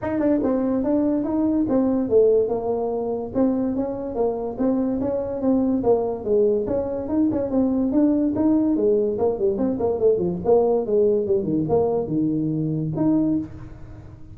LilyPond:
\new Staff \with { instrumentName = "tuba" } { \time 4/4 \tempo 4 = 144 dis'8 d'8 c'4 d'4 dis'4 | c'4 a4 ais2 | c'4 cis'4 ais4 c'4 | cis'4 c'4 ais4 gis4 |
cis'4 dis'8 cis'8 c'4 d'4 | dis'4 gis4 ais8 g8 c'8 ais8 | a8 f8 ais4 gis4 g8 dis8 | ais4 dis2 dis'4 | }